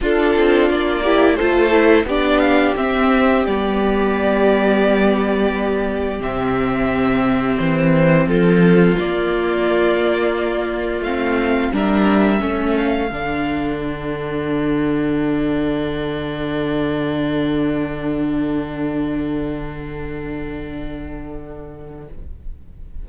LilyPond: <<
  \new Staff \with { instrumentName = "violin" } { \time 4/4 \tempo 4 = 87 a'4 d''4 c''4 d''8 f''8 | e''4 d''2.~ | d''4 e''2 c''4 | a'4 d''2. |
f''4 e''4. f''4. | fis''1~ | fis''1~ | fis''1 | }
  \new Staff \with { instrumentName = "violin" } { \time 4/4 f'4. g'8 a'4 g'4~ | g'1~ | g'1 | f'1~ |
f'4 ais'4 a'2~ | a'1~ | a'1~ | a'1 | }
  \new Staff \with { instrumentName = "viola" } { \time 4/4 d'4. e'8 f'8 e'8 d'4 | c'4 b2.~ | b4 c'2.~ | c'4 ais2. |
c'4 d'4 cis'4 d'4~ | d'1~ | d'1~ | d'1 | }
  \new Staff \with { instrumentName = "cello" } { \time 4/4 d'8 c'8 ais4 a4 b4 | c'4 g2.~ | g4 c2 e4 | f4 ais2. |
a4 g4 a4 d4~ | d1~ | d1~ | d1 | }
>>